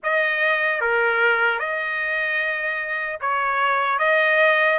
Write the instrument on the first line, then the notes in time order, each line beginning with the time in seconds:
trumpet
0.03 D#5
0.80 A#4
1.59 D#5
3.20 C#5
3.98 D#5